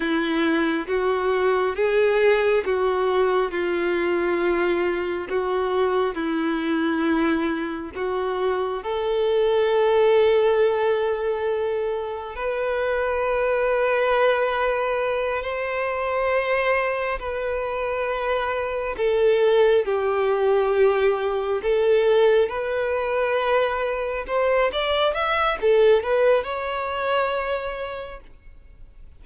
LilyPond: \new Staff \with { instrumentName = "violin" } { \time 4/4 \tempo 4 = 68 e'4 fis'4 gis'4 fis'4 | f'2 fis'4 e'4~ | e'4 fis'4 a'2~ | a'2 b'2~ |
b'4. c''2 b'8~ | b'4. a'4 g'4.~ | g'8 a'4 b'2 c''8 | d''8 e''8 a'8 b'8 cis''2 | }